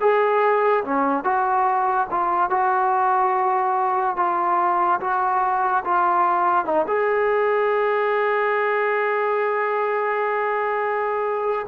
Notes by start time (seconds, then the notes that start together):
0.00 G#4
0.84 C#4
1.24 F#4
2.11 F4
2.50 F#4
4.16 F4
5.00 F#4
5.84 F4
6.65 D#4
6.87 G#4